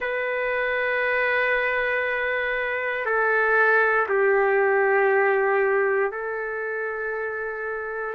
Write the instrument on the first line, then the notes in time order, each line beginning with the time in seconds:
trumpet
0.00 B4
3.05 A4
4.08 G4
6.11 A4